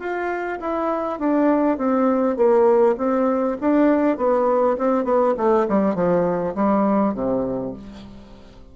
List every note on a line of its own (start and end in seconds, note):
0.00 0.59 F4
0.61 1.20 E4
1.20 1.78 D4
1.78 2.37 C4
2.37 2.96 A#3
2.98 3.58 C4
3.61 4.18 D4
4.18 4.77 B3
4.78 5.05 C4
5.05 5.35 B3
5.38 5.67 A3
5.69 5.95 G3
5.95 6.55 F3
6.55 7.14 G3
7.14 7.74 C3